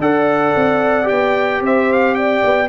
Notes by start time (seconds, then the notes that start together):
0.00 D4 A4 D5 F#5
0.56 C4
1.05 G4 G5
1.11 B3
1.61 C4 C5 E5
1.93 F5
2.15 D5 G5
2.44 B3